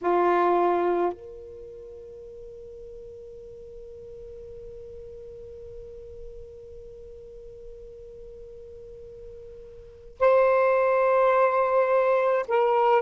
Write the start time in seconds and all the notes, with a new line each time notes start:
0.01 F4
1.12 A#4
10.19 C5
12.47 A#4